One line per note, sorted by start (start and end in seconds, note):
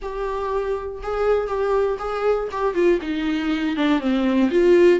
0.01 1.01 G4
1.02 1.47 G#4
1.47 1.97 G4
1.98 2.48 G#4
2.51 2.74 G4
2.74 2.99 F4
3.01 3.76 D#4
3.76 4.00 D4
4.00 4.50 C4
4.50 4.99 F4